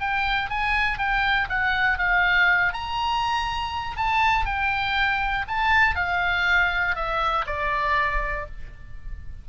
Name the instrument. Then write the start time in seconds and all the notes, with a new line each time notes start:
oboe
0.00 G5
0.50 G#5
0.98 G5
1.49 F#5
1.98 F5
2.73 A#5
3.97 A5
4.45 G5
5.48 A5
5.96 F5
6.95 E5
7.46 D5